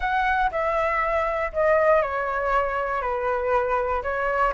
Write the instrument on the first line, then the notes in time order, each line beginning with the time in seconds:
flute
0.00 F#5
0.51 E5
1.52 D#5
2.01 C#5
3.01 B4
4.02 C#5